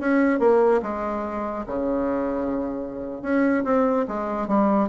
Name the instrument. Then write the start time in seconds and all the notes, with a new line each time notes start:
bassoon
0.00 C#4
0.39 A#3
0.82 G#3
1.67 C#3
3.22 C#4
3.64 C4
4.08 G#3
4.48 G3